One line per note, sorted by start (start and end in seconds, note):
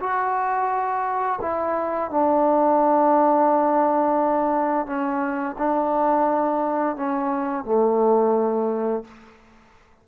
0.00 1.40 F#4
1.42 2.11 E4
2.11 4.86 D4
4.86 5.56 C#4
5.59 6.97 D4
6.97 7.65 C#4
7.65 9.05 A3